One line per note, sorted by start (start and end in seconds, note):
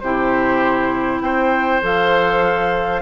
0.00 1.21 C3
0.00 1.82 E4
0.00 1.23 G4
0.00 1.20 C5
1.21 1.81 C4
1.21 3.02 C5
1.21 1.81 G5
1.82 3.02 F3
1.82 3.02 A4
1.82 3.02 F5